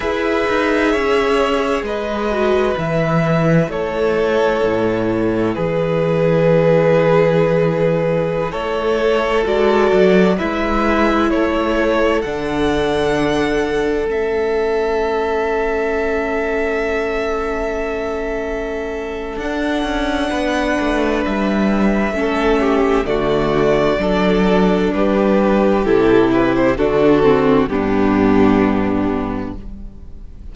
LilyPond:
<<
  \new Staff \with { instrumentName = "violin" } { \time 4/4 \tempo 4 = 65 e''2 dis''4 e''4 | cis''2 b'2~ | b'4~ b'16 cis''4 d''4 e''8.~ | e''16 cis''4 fis''2 e''8.~ |
e''1~ | e''4 fis''2 e''4~ | e''4 d''2 b'4 | a'8 b'16 c''16 a'4 g'2 | }
  \new Staff \with { instrumentName = "violin" } { \time 4/4 b'4 cis''4 b'2 | a'2 gis'2~ | gis'4~ gis'16 a'2 b'8.~ | b'16 a'2.~ a'8.~ |
a'1~ | a'2 b'2 | a'8 g'8 fis'4 a'4 g'4~ | g'4 fis'4 d'2 | }
  \new Staff \with { instrumentName = "viola" } { \time 4/4 gis'2~ gis'8 fis'8 e'4~ | e'1~ | e'2~ e'16 fis'4 e'8.~ | e'4~ e'16 d'2 cis'8.~ |
cis'1~ | cis'4 d'2. | cis'4 a4 d'2 | e'4 d'8 c'8 b2 | }
  \new Staff \with { instrumentName = "cello" } { \time 4/4 e'8 dis'8 cis'4 gis4 e4 | a4 a,4 e2~ | e4~ e16 a4 gis8 fis8 gis8.~ | gis16 a4 d2 a8.~ |
a1~ | a4 d'8 cis'8 b8 a8 g4 | a4 d4 fis4 g4 | c4 d4 g,2 | }
>>